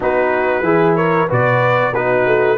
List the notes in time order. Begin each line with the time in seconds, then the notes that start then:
0.00 B3 D#4 F#4 B4
0.61 E3 E4 G#4
0.95 A#4 C#5
1.27 B2 F#4 B4 D5
1.93 B3 D#4 F#4 B4
2.26 A3